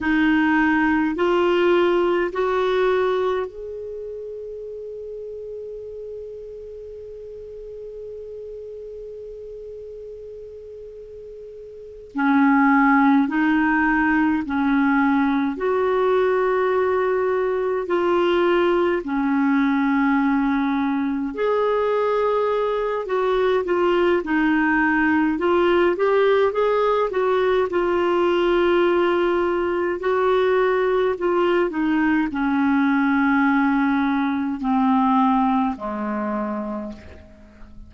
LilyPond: \new Staff \with { instrumentName = "clarinet" } { \time 4/4 \tempo 4 = 52 dis'4 f'4 fis'4 gis'4~ | gis'1~ | gis'2~ gis'8 cis'4 dis'8~ | dis'8 cis'4 fis'2 f'8~ |
f'8 cis'2 gis'4. | fis'8 f'8 dis'4 f'8 g'8 gis'8 fis'8 | f'2 fis'4 f'8 dis'8 | cis'2 c'4 gis4 | }